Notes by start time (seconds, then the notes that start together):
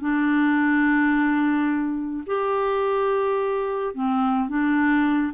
0.00 D4
2.26 G4
3.95 C4
4.49 D4